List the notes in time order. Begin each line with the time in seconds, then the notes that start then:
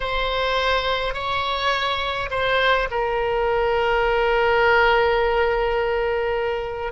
0.00 C5
1.14 C#5
2.30 C5
2.90 A#4